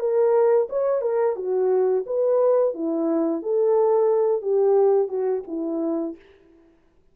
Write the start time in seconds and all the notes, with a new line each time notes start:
0.00 A#4
0.70 C#5
1.02 A#4
1.36 F#4
2.07 B4
2.75 E4
3.43 A4
4.42 G4
5.09 F#4
5.48 E4